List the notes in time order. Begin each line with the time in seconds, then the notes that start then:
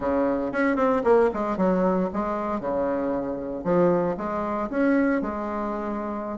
0.00 C#3
0.51 C#4
0.76 C4
1.04 A#3
1.33 G#3
1.57 F#3
2.13 G#3
2.60 C#3
3.64 F3
4.17 G#3
4.70 C#4
5.21 G#3